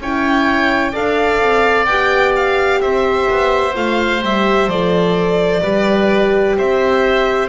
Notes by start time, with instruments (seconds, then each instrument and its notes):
0.00 double bass C#4, horn E4, oboe C#5, violin G5
0.92 double bass D4, horn A4, oboe D5, violin F5
1.40 double bass C4
1.85 double bass B3, horn G4, violin G5
2.36 violin F5
2.81 double bass C4, oboe C5, violin E5
3.30 double bass B3
3.74 double bass A3, horn F4, violin F5
4.21 double bass G3, horn G4, violin E5
4.67 double bass F3, horn A4, violin D5
5.62 double bass G3, horn G4, oboe B4
6.58 double bass C4, oboe C5, violin E5